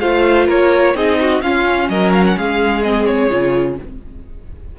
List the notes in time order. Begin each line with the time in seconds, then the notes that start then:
0.00 A3 F4 C5 F5
0.46 A#3 A#4 C#5
0.94 C4 D#4 G#4 D#5
1.21 F#4
1.41 C#4 F4 F5
1.88 F#3 A#4 D#5
2.12 F5
2.26 F#5
2.36 G#3 G#4 F5
2.83 C4 D#5
3.05 C#5
3.30 C#3 F4